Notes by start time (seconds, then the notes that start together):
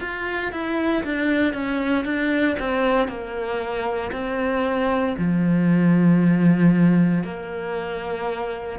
0.00 F4
0.52 E4
1.03 D4
1.53 C#4
2.04 D4
2.59 C4
3.08 A#3
4.11 C4
5.18 F3
7.24 A#3